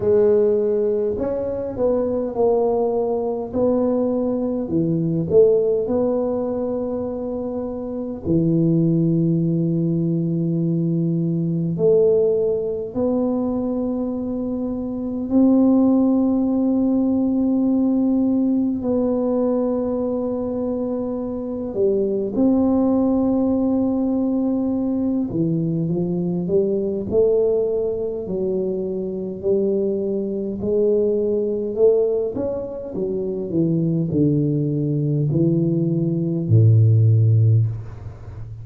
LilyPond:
\new Staff \with { instrumentName = "tuba" } { \time 4/4 \tempo 4 = 51 gis4 cis'8 b8 ais4 b4 | e8 a8 b2 e4~ | e2 a4 b4~ | b4 c'2. |
b2~ b8 g8 c'4~ | c'4. e8 f8 g8 a4 | fis4 g4 gis4 a8 cis'8 | fis8 e8 d4 e4 a,4 | }